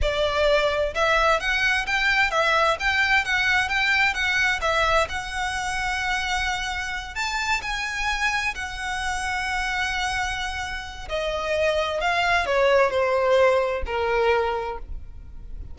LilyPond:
\new Staff \with { instrumentName = "violin" } { \time 4/4 \tempo 4 = 130 d''2 e''4 fis''4 | g''4 e''4 g''4 fis''4 | g''4 fis''4 e''4 fis''4~ | fis''2.~ fis''8 a''8~ |
a''8 gis''2 fis''4.~ | fis''1 | dis''2 f''4 cis''4 | c''2 ais'2 | }